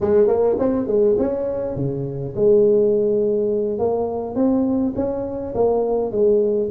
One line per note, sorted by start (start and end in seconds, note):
0.00 0.27 G#3
0.27 0.56 A#3
0.58 0.87 C4
0.87 1.16 G#3
1.18 1.75 C#4
1.75 2.34 C#3
2.35 3.79 G#3
3.79 4.35 A#3
4.35 4.93 C4
4.95 5.54 C#4
5.54 6.11 A#3
6.11 6.69 G#3